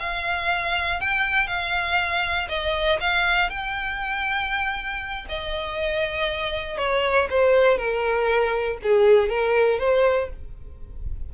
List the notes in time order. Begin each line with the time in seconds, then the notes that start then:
0.00 F5
1.01 G5
1.48 F5
2.49 D#5
3.01 F5
3.50 G5
5.29 D#5
6.78 C#5
7.30 C5
7.78 A#4
8.83 G#4
9.30 A#4
9.80 C5